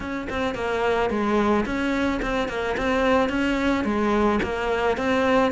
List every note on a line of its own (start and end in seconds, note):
0.00 0.28 C#4
0.29 0.54 C4
0.54 1.09 A#3
1.10 1.65 G#3
1.65 2.20 C#4
2.22 2.48 C4
2.48 2.76 A#3
2.77 3.29 C4
3.29 3.84 C#4
3.84 4.39 G#3
4.42 4.97 A#3
4.97 5.51 C4